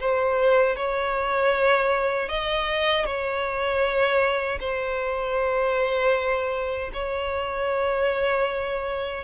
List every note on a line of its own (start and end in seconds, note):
0.00 0.76 C5
0.76 2.29 C#5
2.29 3.05 D#5
3.05 4.59 C#5
4.60 6.91 C5
6.93 9.24 C#5